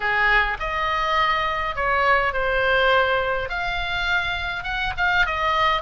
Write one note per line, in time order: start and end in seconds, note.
0.00 0.57 G#4
0.59 1.75 D#5
1.75 2.33 C#5
2.33 3.49 C5
3.49 4.63 F5
4.63 4.92 F#5
4.97 5.26 F5
5.26 5.81 D#5